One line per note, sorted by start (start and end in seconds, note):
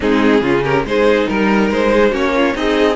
0.00 0.41 G#3
0.00 0.43 C4
0.00 0.42 D#4
0.00 0.63 G#4
0.41 0.83 C#3
0.41 0.85 C#4
0.41 0.62 F4
0.62 0.83 G4
0.62 0.85 A#4
0.84 1.27 G#3
0.84 2.12 D#4
0.84 1.30 G#4
0.84 1.28 C5
1.28 1.69 G3
1.28 1.70 A#4
1.28 1.94 A#4
1.69 2.11 G#3
1.69 2.14 C5
1.94 2.10 G#4
2.10 2.54 A#3
2.10 2.54 C#4
2.10 2.31 F#4
2.10 2.56 C#5
2.35 2.54 F4
2.54 2.95 C4
2.54 2.95 D#4
2.54 2.95 G#4
2.54 2.95 D#5